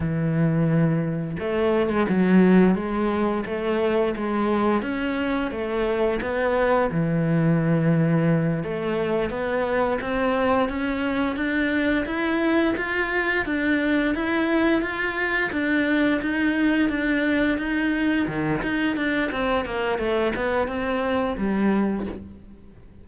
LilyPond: \new Staff \with { instrumentName = "cello" } { \time 4/4 \tempo 4 = 87 e2 a8. gis16 fis4 | gis4 a4 gis4 cis'4 | a4 b4 e2~ | e8 a4 b4 c'4 cis'8~ |
cis'8 d'4 e'4 f'4 d'8~ | d'8 e'4 f'4 d'4 dis'8~ | dis'8 d'4 dis'4 dis8 dis'8 d'8 | c'8 ais8 a8 b8 c'4 g4 | }